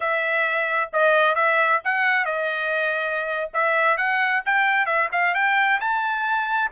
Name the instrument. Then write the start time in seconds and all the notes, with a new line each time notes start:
trumpet
0.00 E5
0.92 D#5
1.35 E5
1.84 F#5
2.25 D#5
3.53 E5
3.97 F#5
4.45 G5
4.86 E5
5.11 F5
5.34 G5
5.80 A5